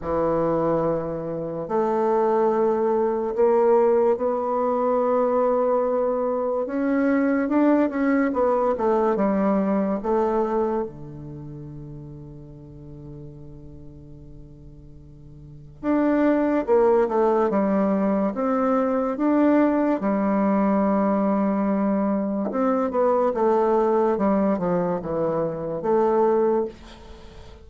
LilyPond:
\new Staff \with { instrumentName = "bassoon" } { \time 4/4 \tempo 4 = 72 e2 a2 | ais4 b2. | cis'4 d'8 cis'8 b8 a8 g4 | a4 d2.~ |
d2. d'4 | ais8 a8 g4 c'4 d'4 | g2. c'8 b8 | a4 g8 f8 e4 a4 | }